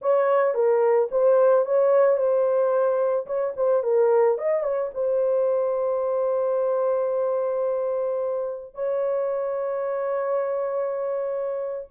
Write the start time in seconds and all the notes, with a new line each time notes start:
0.01 C#5
0.54 A#4
1.11 C5
1.65 C#5
2.17 C5
3.26 C#5
3.56 C5
3.83 A#4
4.38 D#5
4.63 C#5
4.94 C5
8.74 C#5